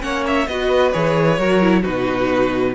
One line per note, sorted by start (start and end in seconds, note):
0.00 0.47 A#3
0.00 0.45 C#4
0.00 0.48 C#5
0.00 0.24 F#5
0.26 0.47 E5
0.47 0.92 B3
0.47 0.93 F#4
0.47 1.39 B4
0.47 0.92 D#5
0.92 1.38 E3
0.92 1.38 G#4
0.92 1.83 C#5
1.38 1.84 F#3
1.38 1.61 F#4
1.38 1.81 A#4
1.61 1.83 E4
1.81 2.75 B2
1.81 2.74 D#4
1.81 2.72 F#4
1.81 2.75 B4